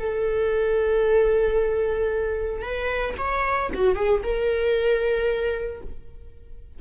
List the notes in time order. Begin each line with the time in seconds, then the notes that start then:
0.00 A4
2.62 B4
3.18 C#5
3.75 F#4
3.96 G#4
4.24 A#4